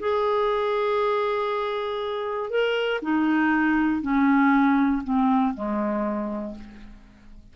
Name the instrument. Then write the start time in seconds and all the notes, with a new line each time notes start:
clarinet
0.00 G#4
2.50 A#4
3.02 D#4
4.02 C#4
5.04 C4
5.54 G#3